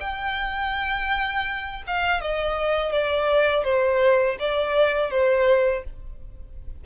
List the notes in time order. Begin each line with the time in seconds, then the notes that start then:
0.00 G5
1.87 F5
2.21 D#5
2.92 D5
3.64 C5
4.39 D5
5.10 C5